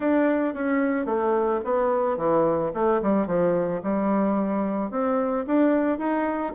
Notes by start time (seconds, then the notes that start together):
0.00 D4
0.54 C#4
1.05 A3
1.64 B3
2.17 E3
2.73 A3
3.02 G3
3.26 F3
3.83 G3
4.90 C4
5.46 D4
5.98 D#4